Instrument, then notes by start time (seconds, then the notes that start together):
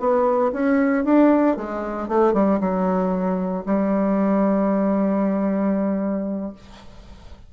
bassoon
0.00 B3
0.53 C#4
1.05 D4
1.57 G#3
2.08 A3
2.34 G3
2.60 F#3
3.66 G3